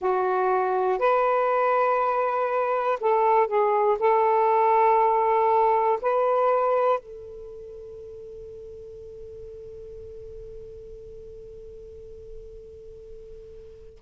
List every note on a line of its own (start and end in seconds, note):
0.00 0.99 F#4
0.99 2.99 B4
3.00 3.47 A4
3.47 3.97 G#4
3.99 5.99 A4
6.01 6.99 B4
6.99 13.99 A4